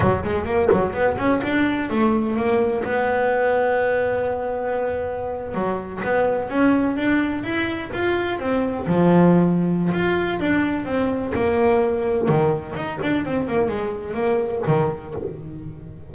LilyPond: \new Staff \with { instrumentName = "double bass" } { \time 4/4 \tempo 4 = 127 fis8 gis8 ais8 fis8 b8 cis'8 d'4 | a4 ais4 b2~ | b2.~ b8. fis16~ | fis8. b4 cis'4 d'4 e'16~ |
e'8. f'4 c'4 f4~ f16~ | f4 f'4 d'4 c'4 | ais2 dis4 dis'8 d'8 | c'8 ais8 gis4 ais4 dis4 | }